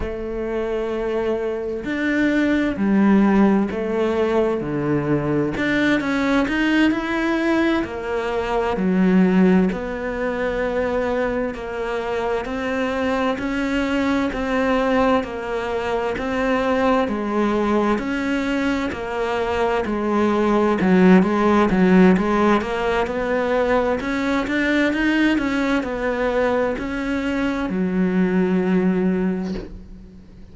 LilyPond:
\new Staff \with { instrumentName = "cello" } { \time 4/4 \tempo 4 = 65 a2 d'4 g4 | a4 d4 d'8 cis'8 dis'8 e'8~ | e'8 ais4 fis4 b4.~ | b8 ais4 c'4 cis'4 c'8~ |
c'8 ais4 c'4 gis4 cis'8~ | cis'8 ais4 gis4 fis8 gis8 fis8 | gis8 ais8 b4 cis'8 d'8 dis'8 cis'8 | b4 cis'4 fis2 | }